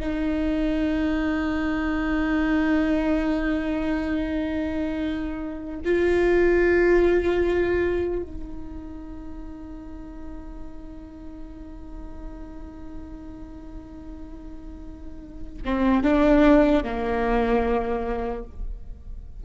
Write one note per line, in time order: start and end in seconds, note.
0.00 5.80 D#4
5.85 8.23 F4
8.23 15.63 D#4
15.65 16.04 C4
16.04 16.84 D4
16.84 18.44 A#3